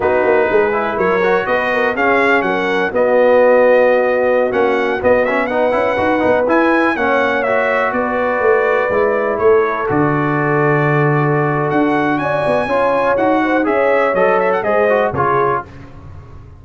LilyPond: <<
  \new Staff \with { instrumentName = "trumpet" } { \time 4/4 \tempo 4 = 123 b'2 cis''4 dis''4 | f''4 fis''4 dis''2~ | dis''4~ dis''16 fis''4 dis''8 e''8 fis''8.~ | fis''4~ fis''16 gis''4 fis''4 e''8.~ |
e''16 d''2. cis''8.~ | cis''16 d''2.~ d''8. | fis''4 gis''2 fis''4 | e''4 dis''8 e''16 fis''16 dis''4 cis''4 | }
  \new Staff \with { instrumentName = "horn" } { \time 4/4 fis'4 gis'4 ais'4 b'8 ais'8 | gis'4 ais'4 fis'2~ | fis'2.~ fis'16 b'8.~ | b'2~ b'16 cis''4.~ cis''16~ |
cis''16 b'2. a'8.~ | a'1~ | a'4 d''4 cis''4. c''8 | cis''2 c''4 gis'4 | }
  \new Staff \with { instrumentName = "trombone" } { \time 4/4 dis'4. e'4 fis'4. | cis'2 b2~ | b4~ b16 cis'4 b8 cis'8 dis'8 e'16~ | e'16 fis'8 dis'8 e'4 cis'4 fis'8.~ |
fis'2~ fis'16 e'4.~ e'16~ | e'16 fis'2.~ fis'8.~ | fis'2 f'4 fis'4 | gis'4 a'4 gis'8 fis'8 f'4 | }
  \new Staff \with { instrumentName = "tuba" } { \time 4/4 b8 ais8 gis4 fis4 b4 | cis'4 fis4 b2~ | b4~ b16 ais4 b4. cis'16~ | cis'16 dis'8 b8 e'4 ais4.~ ais16~ |
ais16 b4 a4 gis4 a8.~ | a16 d2.~ d8. | d'4 cis'8 b8 cis'4 dis'4 | cis'4 fis4 gis4 cis4 | }
>>